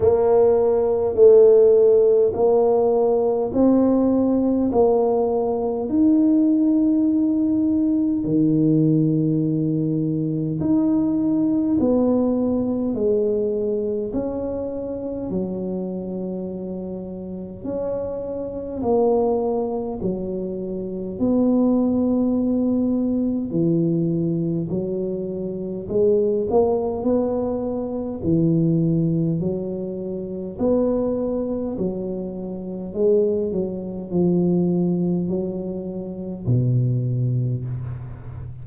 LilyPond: \new Staff \with { instrumentName = "tuba" } { \time 4/4 \tempo 4 = 51 ais4 a4 ais4 c'4 | ais4 dis'2 dis4~ | dis4 dis'4 b4 gis4 | cis'4 fis2 cis'4 |
ais4 fis4 b2 | e4 fis4 gis8 ais8 b4 | e4 fis4 b4 fis4 | gis8 fis8 f4 fis4 b,4 | }